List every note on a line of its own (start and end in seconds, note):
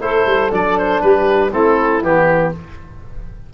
0.00 0.25 A3
0.00 0.50 E4
0.00 1.01 A4
0.00 0.51 C5
0.26 0.51 G3
0.50 1.02 F#3
0.50 1.50 D4
0.50 0.79 D5
0.79 1.01 C5
1.01 1.53 G3
1.01 1.51 G4
1.01 1.51 B4
1.51 2.03 A3
1.51 2.02 C4
1.51 2.51 E4
1.51 2.03 A4
2.02 2.53 E3
2.02 2.52 B3
2.02 2.54 G4